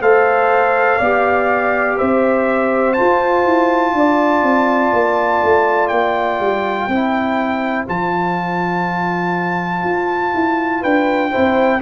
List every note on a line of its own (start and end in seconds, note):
0.00 0.99 A3
0.00 1.00 A4
0.00 0.98 C5
0.00 1.98 F5
0.98 1.99 B3
0.98 2.97 G4
0.98 1.96 D5
1.97 3.00 C4
1.97 3.94 C5
1.97 2.94 E5
2.94 6.90 F4
2.94 5.88 A5
3.01 3.45 F4
3.45 3.93 E4
3.93 4.43 D4
3.93 6.89 D5
4.43 4.92 C4
4.93 5.42 A#3
5.43 5.91 A3
5.88 6.40 A#3
5.88 7.85 G5
6.40 6.88 G3
6.88 7.86 C4
6.88 7.87 E4
6.88 10.81 C5
7.87 9.84 F3
7.87 11.31 F4
7.87 10.84 A5
9.84 10.33 F4
10.34 10.84 E4
10.81 11.33 D4
10.81 11.30 B4
10.81 11.82 G5
11.31 11.82 C4
11.31 11.80 E4
11.31 11.80 C5